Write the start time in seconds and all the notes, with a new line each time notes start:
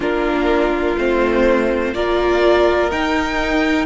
0.00 A#3 D4 F4 A#4
0.97 A3 C4 C5
1.94 A#3 F4 A#4 D5
2.91 D#4 G5